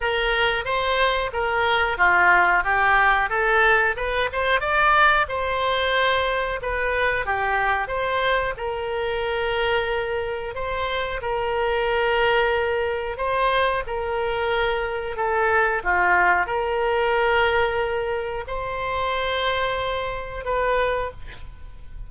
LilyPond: \new Staff \with { instrumentName = "oboe" } { \time 4/4 \tempo 4 = 91 ais'4 c''4 ais'4 f'4 | g'4 a'4 b'8 c''8 d''4 | c''2 b'4 g'4 | c''4 ais'2. |
c''4 ais'2. | c''4 ais'2 a'4 | f'4 ais'2. | c''2. b'4 | }